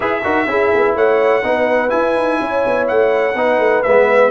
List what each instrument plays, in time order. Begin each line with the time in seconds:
0.00 tuba E4, trombone G#4, horn B4, trumpet E5
0.23 tuba D#4, trombone F#4, horn A#4
0.46 tuba C#4, trombone E4, horn G#4
0.74 tuba B3
0.94 tuba A3, horn C#5, trumpet F#5
1.42 tuba B3, trombone D#4, horn B4
1.89 trombone E4, tuba E4, trumpet G#5
2.15 tuba D#4
2.40 tuba C#4, horn C#5
2.66 tuba B3
2.87 tuba A3, trumpet F#5
3.34 tuba B3, trombone D#4, horn B4
3.58 tuba A3
3.83 tuba G#3, trombone B3, trumpet E5